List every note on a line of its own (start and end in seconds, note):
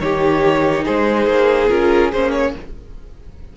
0.00 0.85 D#3
0.00 1.69 D#4
0.00 0.84 G4
0.00 0.85 C#5
0.84 1.27 G#3
0.84 2.53 G#4
0.84 1.69 C5
1.27 1.69 A#3
1.69 2.13 C#4
1.69 2.11 F4
1.69 2.11 A#4
2.12 2.55 A#3
2.12 2.57 C#4
2.12 2.31 C5
2.31 2.52 C#5